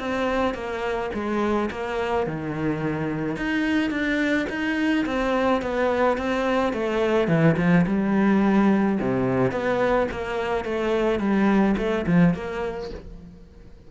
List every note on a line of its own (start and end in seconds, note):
0.00 0.55 C4
0.55 1.11 A#3
1.14 1.70 G#3
1.71 2.27 A#3
2.27 3.37 D#3
3.37 3.91 D#4
3.91 4.47 D4
4.50 5.06 D#4
5.06 5.63 C4
5.63 6.18 B3
6.18 6.73 C4
6.73 7.28 A3
7.28 7.56 E3
7.58 7.86 F3
7.87 8.99 G3
9.01 9.52 C3
9.52 10.08 B3
10.12 10.65 A#3
10.65 11.20 A3
11.20 11.76 G3
11.78 12.06 A3
12.07 12.34 F3
12.34 12.90 A#3